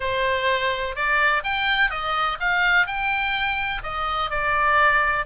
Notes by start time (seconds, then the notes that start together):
0.00 C5
0.95 D5
1.43 G5
1.90 D#5
2.39 F5
2.86 G5
3.83 D#5
4.30 D5